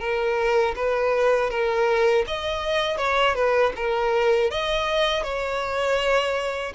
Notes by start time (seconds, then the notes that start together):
0.00 A#4
0.76 B4
1.50 A#4
2.27 D#5
2.98 C#5
3.35 B4
3.76 A#4
4.51 D#5
5.24 C#5